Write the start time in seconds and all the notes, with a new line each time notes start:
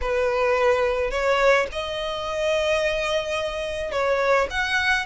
0.01 B4
1.10 C#5
1.72 D#5
3.91 C#5
4.50 F#5